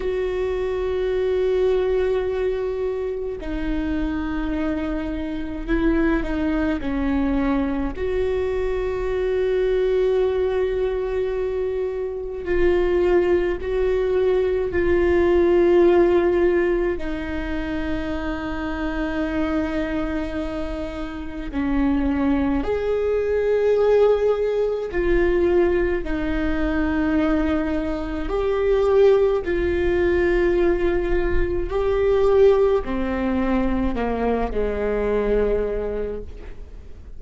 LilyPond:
\new Staff \with { instrumentName = "viola" } { \time 4/4 \tempo 4 = 53 fis'2. dis'4~ | dis'4 e'8 dis'8 cis'4 fis'4~ | fis'2. f'4 | fis'4 f'2 dis'4~ |
dis'2. cis'4 | gis'2 f'4 dis'4~ | dis'4 g'4 f'2 | g'4 c'4 ais8 gis4. | }